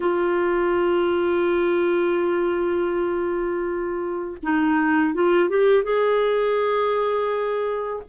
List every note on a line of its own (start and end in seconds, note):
0.00 4.37 F4
4.43 5.14 D#4
5.14 5.49 F4
5.49 5.83 G4
5.83 8.03 G#4